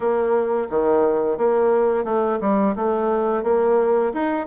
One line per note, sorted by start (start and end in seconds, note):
0.00 0.67 A#3
0.70 1.37 D#3
1.37 2.04 A#3
2.04 2.38 A3
2.40 2.75 G3
2.75 3.43 A3
3.43 4.12 A#3
4.13 4.46 D#4